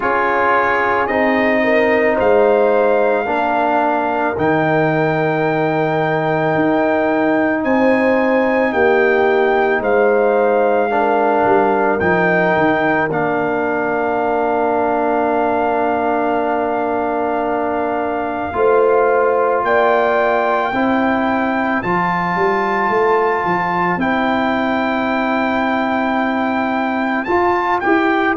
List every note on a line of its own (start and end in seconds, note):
0.00 1.08 C#4
0.00 1.08 F4
0.00 1.60 G#4
0.00 1.06 C#5
1.06 2.17 C4
1.06 3.26 D#4
1.06 2.15 D#5
1.63 2.15 A#4
2.15 3.26 G#3
2.15 3.24 C5
2.15 4.37 F5
3.25 4.35 A#3
3.25 4.35 D4
3.25 7.61 A#4
4.37 6.55 D#3
4.37 10.90 D#4
4.37 7.64 G5
6.55 7.64 D#4
7.64 8.73 C4
7.64 8.72 C5
7.64 8.72 G#5
8.72 9.80 A#3
8.72 9.81 G4
8.72 9.82 G5
9.80 11.44 G#3
9.80 10.90 C5
9.80 11.99 F5
10.90 11.99 D4
10.90 18.54 A#4
11.45 11.99 G3
11.99 12.55 F3
11.99 13.09 D#4
11.99 13.08 G5
12.56 13.09 D#3
13.09 18.55 A#3
13.09 18.53 D4
13.09 19.64 F5
18.53 19.63 A3
18.53 20.71 F4
18.53 19.65 C5
19.63 20.72 A#3
19.63 20.74 D5
19.63 21.82 G5
20.72 21.81 C4
20.72 21.82 E4
20.72 28.37 C5
21.82 22.35 F3
21.82 23.99 F4
21.82 24.00 A5
22.35 22.89 G3
22.89 23.43 A3
23.44 23.97 F3
23.97 27.24 C4
23.97 27.26 E4
23.97 27.24 G5
27.24 27.82 F4
27.24 27.78 A5
27.80 28.37 E4
27.80 28.37 G4
27.80 28.34 G5